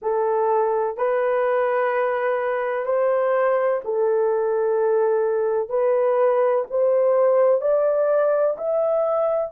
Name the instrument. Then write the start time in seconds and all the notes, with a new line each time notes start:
horn
0.02 A4
0.97 B4
2.85 C5
3.84 A4
5.69 B4
6.70 C5
7.61 D5
8.57 E5